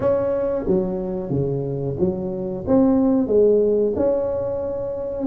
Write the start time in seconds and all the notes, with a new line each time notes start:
0.00 C#4
0.67 F#3
1.29 C#3
1.99 F#3
2.67 C4
3.27 G#3
3.96 C#4